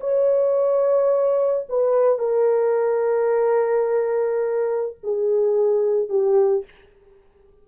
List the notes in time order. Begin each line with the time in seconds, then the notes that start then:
0.00 C#5
1.69 B4
2.18 A#4
5.03 G#4
6.09 G4